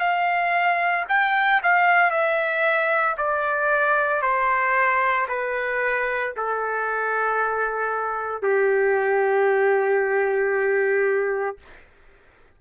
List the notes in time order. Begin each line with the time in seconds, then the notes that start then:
0.00 F5
1.09 G5
1.64 F5
2.11 E5
3.18 D5
4.22 C5
5.29 B4
6.37 A4
8.43 G4